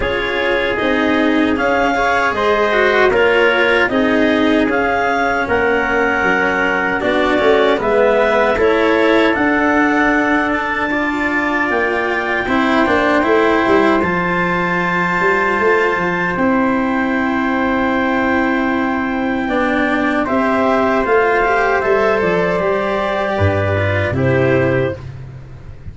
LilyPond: <<
  \new Staff \with { instrumentName = "clarinet" } { \time 4/4 \tempo 4 = 77 cis''4 dis''4 f''4 dis''4 | cis''4 dis''4 f''4 fis''4~ | fis''4 d''4 e''4 cis''4 | fis''4. a''4. g''4~ |
g''2 a''2~ | a''4 g''2.~ | g''2 e''4 f''4 | e''8 d''2~ d''8 c''4 | }
  \new Staff \with { instrumentName = "trumpet" } { \time 4/4 gis'2~ gis'8 cis''8 c''4 | ais'4 gis'2 ais'4~ | ais'4 fis'4 b'4 a'4~ | a'2 d''2 |
c''1~ | c''1~ | c''4 d''4 c''2~ | c''2 b'4 g'4 | }
  \new Staff \with { instrumentName = "cello" } { \time 4/4 f'4 dis'4 cis'8 gis'4 fis'8 | f'4 dis'4 cis'2~ | cis'4 d'8 cis'8 b4 e'4 | d'2 f'2 |
e'8 d'8 e'4 f'2~ | f'4 e'2.~ | e'4 d'4 g'4 f'8 g'8 | a'4 g'4. f'8 e'4 | }
  \new Staff \with { instrumentName = "tuba" } { \time 4/4 cis'4 c'4 cis'4 gis4 | ais4 c'4 cis'4 ais4 | fis4 b8 a8 gis4 a4 | d'2. ais4 |
c'8 ais8 a8 g8 f4. g8 | a8 f8 c'2.~ | c'4 b4 c'4 a4 | g8 f8 g4 g,4 c4 | }
>>